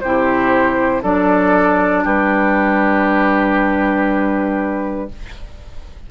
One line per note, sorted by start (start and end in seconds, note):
0.00 1.03 C3
0.00 1.02 E4
0.00 1.02 G4
0.00 1.02 C5
1.02 2.05 F#3
1.02 5.09 D4
1.02 2.04 A4
1.02 2.04 D5
2.04 5.10 G3
2.04 5.09 G4
2.04 5.10 B4